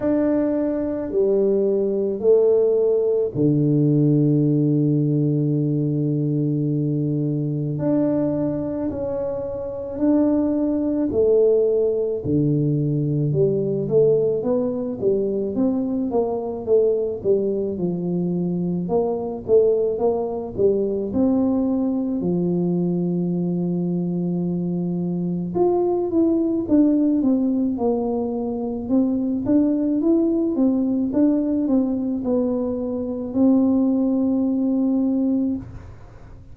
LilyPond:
\new Staff \with { instrumentName = "tuba" } { \time 4/4 \tempo 4 = 54 d'4 g4 a4 d4~ | d2. d'4 | cis'4 d'4 a4 d4 | g8 a8 b8 g8 c'8 ais8 a8 g8 |
f4 ais8 a8 ais8 g8 c'4 | f2. f'8 e'8 | d'8 c'8 ais4 c'8 d'8 e'8 c'8 | d'8 c'8 b4 c'2 | }